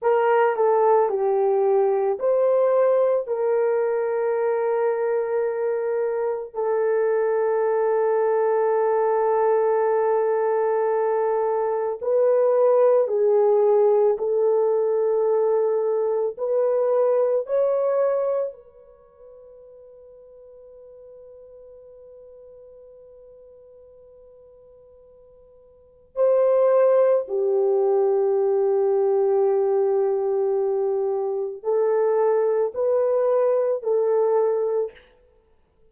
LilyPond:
\new Staff \with { instrumentName = "horn" } { \time 4/4 \tempo 4 = 55 ais'8 a'8 g'4 c''4 ais'4~ | ais'2 a'2~ | a'2. b'4 | gis'4 a'2 b'4 |
cis''4 b'2.~ | b'1 | c''4 g'2.~ | g'4 a'4 b'4 a'4 | }